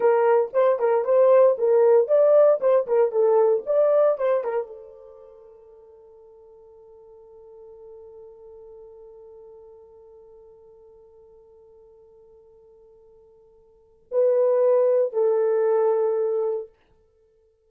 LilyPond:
\new Staff \with { instrumentName = "horn" } { \time 4/4 \tempo 4 = 115 ais'4 c''8 ais'8 c''4 ais'4 | d''4 c''8 ais'8 a'4 d''4 | c''8 ais'8 a'2.~ | a'1~ |
a'1~ | a'1~ | a'2. b'4~ | b'4 a'2. | }